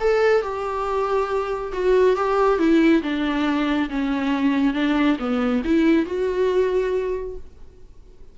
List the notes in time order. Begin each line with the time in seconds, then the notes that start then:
0.00 A4
0.42 G4
1.73 F#4
2.16 G4
2.59 E4
3.02 D4
3.90 C#4
4.74 D4
5.19 B3
5.64 E4
6.06 F#4